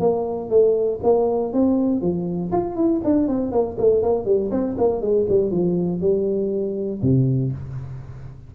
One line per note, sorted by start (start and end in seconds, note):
0.00 0.50 A#3
0.50 1.00 A3
1.03 1.53 A#3
1.53 2.02 C4
2.02 2.52 F3
2.52 2.76 F4
2.76 3.01 E4
3.04 3.28 D4
3.28 3.52 C4
3.52 3.77 A#3
3.78 4.03 A3
4.03 4.26 A#3
4.26 4.51 G3
4.51 4.76 C4
4.78 5.02 A#3
5.02 5.27 G#3
5.29 5.51 G3
5.51 6.01 F3
6.01 7.01 G3
7.02 7.52 C3